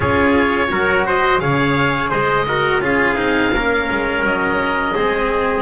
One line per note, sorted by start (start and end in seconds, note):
0.00 0.70 C#4
0.00 0.69 F4
0.00 0.69 G#4
0.00 1.06 C#5
0.70 1.40 F#3
0.70 1.40 F#4
0.70 1.06 A#4
1.06 1.41 C5
1.06 1.39 D#5
1.39 2.11 C#3
1.39 2.45 G#4
1.39 2.09 C#5
1.39 2.10 F5
2.09 2.80 G#3
2.09 2.45 C5
2.09 2.81 D#5
2.47 2.81 F#4
2.47 2.83 A#4
2.80 3.15 C#4
2.80 3.16 F4
2.80 3.54 G#4
2.80 4.25 F5
3.16 3.52 C4
3.16 3.51 D#4
3.54 3.89 A#3
3.54 4.95 C#4
3.54 4.94 A#4
3.90 4.23 G#3
4.23 4.93 F#3
4.23 5.62 D#5
4.94 5.62 G#3
4.94 5.62 C4
4.94 5.62 G#4